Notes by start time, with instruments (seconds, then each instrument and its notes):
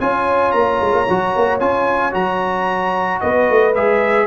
0.00 tuba C#4, trombone F4, horn C#5, trumpet G#5
0.52 tuba A#3, trumpet A#5
0.81 tuba G#3
0.92 tuba A#3
1.09 tuba F#3, trombone F#4
1.36 tuba A#3
1.60 tuba C#4, trombone F4, trumpet G#5
2.12 tuba F#3, trombone F#4, trumpet A#5
3.20 tuba B3, horn B4, trumpet D#5
3.49 tuba A3
3.75 tuba G#3, trombone G#4, trumpet E5